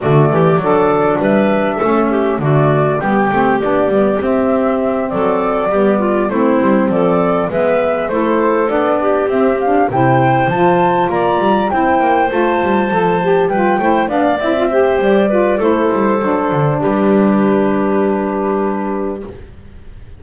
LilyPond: <<
  \new Staff \with { instrumentName = "flute" } { \time 4/4 \tempo 4 = 100 d''2 e''2 | d''4 g''4 d''4 e''4~ | e''8 d''2 c''4 d''8~ | d''8 e''4 c''4 d''4 e''8 |
f''8 g''4 a''4 ais''4 g''8~ | g''8 a''2 g''4 f''8 | e''4 d''4 c''2 | b'1 | }
  \new Staff \with { instrumentName = "clarinet" } { \time 4/4 fis'8 g'8 a'4 b'4 a'8 g'8 | fis'4 g'2.~ | g'8 a'4 g'8 f'8 e'4 a'8~ | a'8 b'4 a'4. g'4~ |
g'8 c''2 d''4 c''8~ | c''2~ c''8 b'8 c''8 d''8~ | d''8 c''4 b'8 a'2 | g'1 | }
  \new Staff \with { instrumentName = "saxophone" } { \time 4/4 a4 d'2 cis'4 | a4 b8 c'8 d'8 b8 c'4~ | c'4. b4 c'4.~ | c'8 b4 e'4 d'4 c'8 |
d'8 e'4 f'2 e'8~ | e'8 f'4 a'8 g'8 f'8 e'8 d'8 | e'16 f'16 g'4 f'8 e'4 d'4~ | d'1 | }
  \new Staff \with { instrumentName = "double bass" } { \time 4/4 d8 e8 fis4 g4 a4 | d4 g8 a8 b8 g8 c'4~ | c'8 fis4 g4 a8 g8 f8~ | f8 gis4 a4 b4 c'8~ |
c'8 c4 f4 ais8 g8 c'8 | ais8 a8 g8 f4 g8 a8 b8 | c'4 g4 a8 g8 fis8 d8 | g1 | }
>>